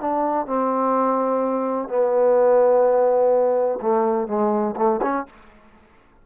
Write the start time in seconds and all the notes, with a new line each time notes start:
0.00 D4
0.46 C4
1.89 B3
3.81 A3
4.27 G#3
4.76 A3
5.02 C#4